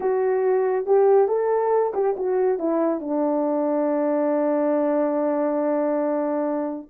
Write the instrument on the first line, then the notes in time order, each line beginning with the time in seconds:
horn
0.00 F#4
0.86 G4
1.28 A4
1.93 G4
2.16 F#4
2.58 E4
3.00 D4